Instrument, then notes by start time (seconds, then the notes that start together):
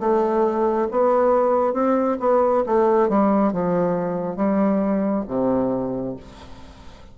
bassoon
0.00 A3
0.91 B3
1.74 C4
2.20 B3
2.66 A3
3.09 G3
3.53 F3
4.36 G3
5.28 C3